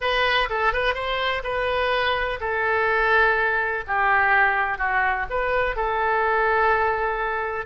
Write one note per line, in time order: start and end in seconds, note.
0.00 0.48 B4
0.49 0.72 A4
0.72 0.94 B4
0.94 1.42 C5
1.43 2.39 B4
2.40 3.84 A4
3.87 4.78 G4
4.78 5.26 F#4
5.30 5.76 B4
5.76 7.66 A4